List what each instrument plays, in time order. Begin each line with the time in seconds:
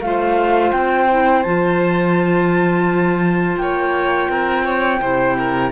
0.00 cello A3, clarinet F4, violin C5, flute F5
0.72 cello C4, flute G5
1.09 clarinet E4
1.42 cello F3, clarinet F4, flute A5
3.56 cello A#3, violin C#5, flute G5
4.29 cello C4, violin A#4
4.64 violin C#5
5.00 cello C3, clarinet E4, violin C5
5.37 violin A#4